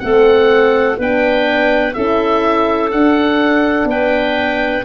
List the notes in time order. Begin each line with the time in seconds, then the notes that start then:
0.00 A3 C4 A4 F#5
0.99 B3 D4 B4 G5
1.94 C#4 E4 A4 E5
2.92 D4 F#5
3.85 B3 B4 G5